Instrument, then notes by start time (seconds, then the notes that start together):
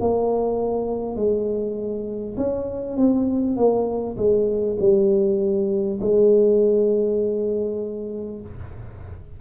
tuba
0.00 A#3
1.16 G#3
2.37 C#4
2.97 C4
3.56 A#3
4.17 G#3
4.79 G3
6.01 G#3